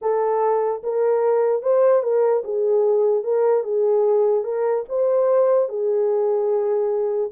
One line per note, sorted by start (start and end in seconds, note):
0.01 0.82 A4
0.83 1.62 A#4
1.62 2.03 C5
2.03 2.43 A#4
2.44 3.23 G#4
3.23 3.63 A#4
3.63 4.43 G#4
4.43 4.84 A#4
4.88 5.68 C5
5.68 7.31 G#4